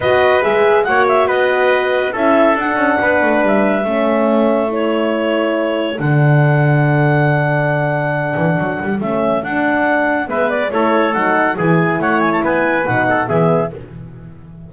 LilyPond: <<
  \new Staff \with { instrumentName = "clarinet" } { \time 4/4 \tempo 4 = 140 dis''4 e''4 fis''8 e''8 dis''4~ | dis''4 e''4 fis''2 | e''2. cis''4~ | cis''2 fis''2~ |
fis''1~ | fis''4 e''4 fis''2 | e''8 d''8 cis''4 fis''4 gis''4 | fis''8 gis''16 a''16 gis''4 fis''4 e''4 | }
  \new Staff \with { instrumentName = "trumpet" } { \time 4/4 b'2 cis''4 b'4~ | b'4 a'2 b'4~ | b'4 a'2.~ | a'1~ |
a'1~ | a'1 | b'4 a'2 gis'4 | cis''4 b'4. a'8 gis'4 | }
  \new Staff \with { instrumentName = "horn" } { \time 4/4 fis'4 gis'4 fis'2~ | fis'4 e'4 d'2~ | d'4 cis'2 e'4~ | e'2 d'2~ |
d'1~ | d'4 cis'4 d'2 | b4 e'4 dis'4 e'4~ | e'2 dis'4 b4 | }
  \new Staff \with { instrumentName = "double bass" } { \time 4/4 b4 gis4 ais4 b4~ | b4 cis'4 d'8 cis'8 b8 a8 | g4 a2.~ | a2 d2~ |
d2.~ d8 e8 | fis8 g8 a4 d'2 | gis4 a4 fis4 e4 | a4 b4 b,4 e4 | }
>>